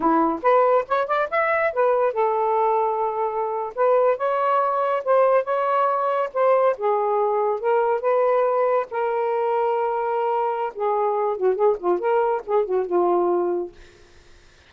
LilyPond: \new Staff \with { instrumentName = "saxophone" } { \time 4/4 \tempo 4 = 140 e'4 b'4 cis''8 d''8 e''4 | b'4 a'2.~ | a'8. b'4 cis''2 c''16~ | c''8. cis''2 c''4 gis'16~ |
gis'4.~ gis'16 ais'4 b'4~ b'16~ | b'8. ais'2.~ ais'16~ | ais'4 gis'4. fis'8 gis'8 f'8 | ais'4 gis'8 fis'8 f'2 | }